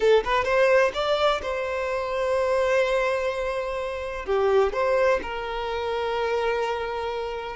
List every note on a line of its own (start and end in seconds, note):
0.00 0.23 A4
0.24 0.44 B4
0.44 0.91 C5
0.93 1.41 D5
1.42 4.25 C5
4.25 4.72 G4
4.72 5.20 C5
5.22 7.56 A#4